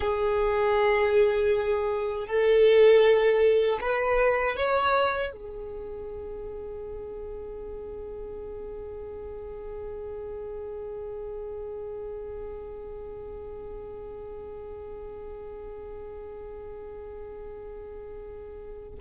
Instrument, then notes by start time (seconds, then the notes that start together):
violin
0.00 G#4
2.27 A4
3.80 B4
4.56 C#5
5.32 G#4